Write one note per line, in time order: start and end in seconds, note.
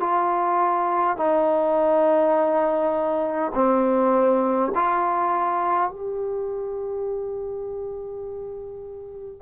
0.00 1.17 F4
1.17 3.52 D#4
3.54 4.72 C4
4.74 5.90 F4
5.90 9.41 G4